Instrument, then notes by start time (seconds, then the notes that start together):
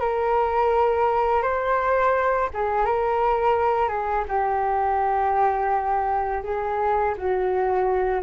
flute
0.00 A#4
1.43 C5
2.54 G#4
2.85 A#4
3.89 G#4
4.29 G4
6.44 G#4
7.18 F#4